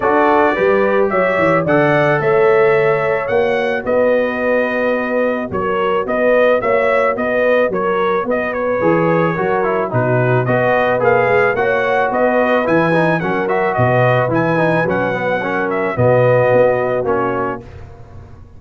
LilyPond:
<<
  \new Staff \with { instrumentName = "trumpet" } { \time 4/4 \tempo 4 = 109 d''2 e''4 fis''4 | e''2 fis''4 dis''4~ | dis''2 cis''4 dis''4 | e''4 dis''4 cis''4 dis''8 cis''8~ |
cis''2 b'4 dis''4 | f''4 fis''4 dis''4 gis''4 | fis''8 e''8 dis''4 gis''4 fis''4~ | fis''8 e''8 dis''2 cis''4 | }
  \new Staff \with { instrumentName = "horn" } { \time 4/4 a'4 b'4 cis''4 d''4 | cis''2. b'4~ | b'2 ais'4 b'4 | cis''4 b'4 ais'4 b'4~ |
b'4 ais'4 fis'4 b'4~ | b'4 cis''4 b'2 | ais'4 b'2. | ais'4 fis'2. | }
  \new Staff \with { instrumentName = "trombone" } { \time 4/4 fis'4 g'2 a'4~ | a'2 fis'2~ | fis'1~ | fis'1 |
gis'4 fis'8 e'8 dis'4 fis'4 | gis'4 fis'2 e'8 dis'8 | cis'8 fis'4. e'8 dis'8 cis'8 b8 | cis'4 b2 cis'4 | }
  \new Staff \with { instrumentName = "tuba" } { \time 4/4 d'4 g4 fis8 e8 d4 | a2 ais4 b4~ | b2 fis4 b4 | ais4 b4 fis4 b4 |
e4 fis4 b,4 b4 | ais8 gis8 ais4 b4 e4 | fis4 b,4 e4 fis4~ | fis4 b,4 b4 ais4 | }
>>